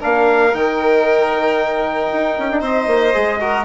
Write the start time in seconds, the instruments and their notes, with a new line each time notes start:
0.00 bassoon A#3, trombone D4, violin A#4, trumpet F5
0.53 bassoon D#3, trombone D#4, trumpet G5
2.12 bassoon D#4
2.38 bassoon C#4
2.52 bassoon D4
2.60 bassoon C4, violin C5, trumpet D#5
2.87 bassoon A#3
3.13 bassoon G#3, trombone G#4
3.40 trombone F#4, violin A#4